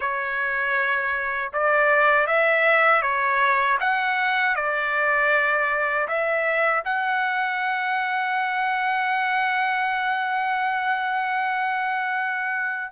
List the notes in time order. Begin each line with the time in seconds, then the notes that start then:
0.00 C#5
1.52 D5
2.26 E5
3.02 C#5
3.80 F#5
4.55 D5
6.08 E5
6.85 F#5